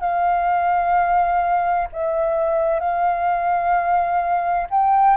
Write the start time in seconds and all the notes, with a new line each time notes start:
0.00 F5
1.93 E5
2.80 F5
4.70 G5